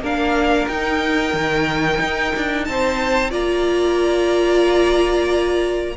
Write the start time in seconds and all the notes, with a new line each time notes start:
0.00 A#3 D4 A#4 F5
0.68 D#4 G5
1.34 D#3
2.01 D#4
2.35 D4
2.65 C4 C5 A5
3.30 A#3 F4 D5 A#5